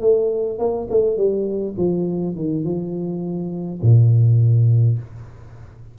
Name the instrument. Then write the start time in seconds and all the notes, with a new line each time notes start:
tuba
0.00 A3
0.58 A#3
0.90 A3
1.16 G3
1.77 F3
2.35 D#3
2.64 F3
3.82 A#2